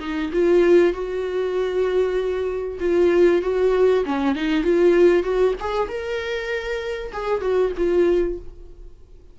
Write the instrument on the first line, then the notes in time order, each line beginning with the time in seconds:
viola
0.00 D#4
0.33 F4
0.93 F#4
2.80 F4
3.42 F#4
4.05 C#4
4.35 D#4
4.63 F4
5.23 F#4
5.60 G#4
5.88 A#4
7.13 G#4
7.41 F#4
7.77 F4